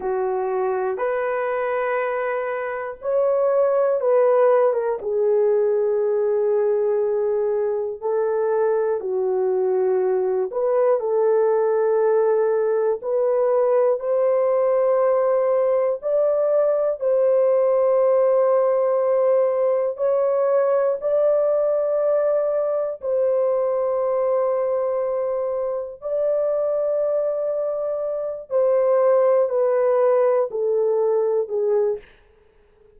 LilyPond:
\new Staff \with { instrumentName = "horn" } { \time 4/4 \tempo 4 = 60 fis'4 b'2 cis''4 | b'8. ais'16 gis'2. | a'4 fis'4. b'8 a'4~ | a'4 b'4 c''2 |
d''4 c''2. | cis''4 d''2 c''4~ | c''2 d''2~ | d''8 c''4 b'4 a'4 gis'8 | }